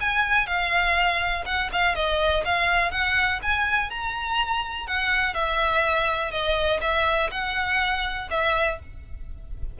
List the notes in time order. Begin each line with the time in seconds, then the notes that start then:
0.00 G#5
0.47 F5
1.45 F#5
1.72 F5
1.95 D#5
2.44 F5
2.91 F#5
3.42 G#5
3.90 A#5
4.86 F#5
5.34 E5
6.31 D#5
6.81 E5
7.31 F#5
8.30 E5